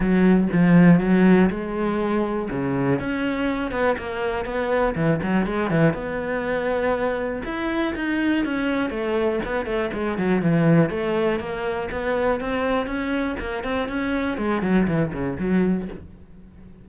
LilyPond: \new Staff \with { instrumentName = "cello" } { \time 4/4 \tempo 4 = 121 fis4 f4 fis4 gis4~ | gis4 cis4 cis'4. b8 | ais4 b4 e8 fis8 gis8 e8 | b2. e'4 |
dis'4 cis'4 a4 b8 a8 | gis8 fis8 e4 a4 ais4 | b4 c'4 cis'4 ais8 c'8 | cis'4 gis8 fis8 e8 cis8 fis4 | }